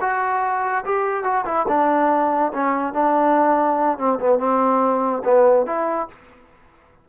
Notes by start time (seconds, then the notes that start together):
0.00 F#4
0.85 G4
1.23 F#4
1.45 E4
1.68 D4
2.53 C#4
2.93 D4
3.98 C4
4.19 B3
4.38 C4
5.24 B3
5.66 E4